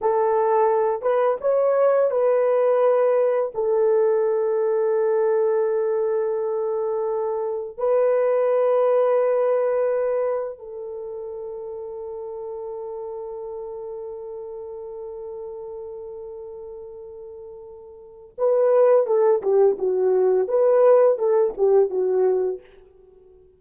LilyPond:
\new Staff \with { instrumentName = "horn" } { \time 4/4 \tempo 4 = 85 a'4. b'8 cis''4 b'4~ | b'4 a'2.~ | a'2. b'4~ | b'2. a'4~ |
a'1~ | a'1~ | a'2 b'4 a'8 g'8 | fis'4 b'4 a'8 g'8 fis'4 | }